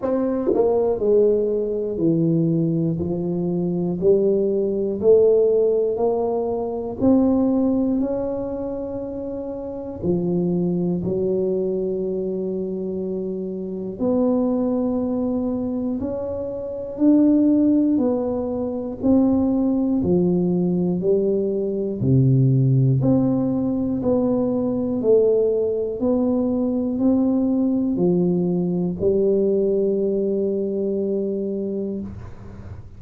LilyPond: \new Staff \with { instrumentName = "tuba" } { \time 4/4 \tempo 4 = 60 c'8 ais8 gis4 e4 f4 | g4 a4 ais4 c'4 | cis'2 f4 fis4~ | fis2 b2 |
cis'4 d'4 b4 c'4 | f4 g4 c4 c'4 | b4 a4 b4 c'4 | f4 g2. | }